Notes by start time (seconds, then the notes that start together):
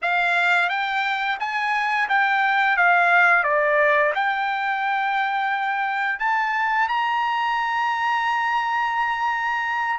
0.02 F5
0.69 G5
1.39 G#5
2.08 G5
2.76 F5
3.43 D5
4.14 G5
6.19 A5
6.88 A#5